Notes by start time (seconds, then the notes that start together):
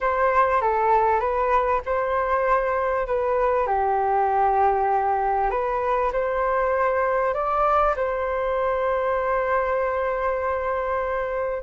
0.00 C5
0.61 A4
1.20 B4
1.85 C5
3.06 B4
3.66 G4
5.50 B4
6.12 C5
7.34 D5
7.96 C5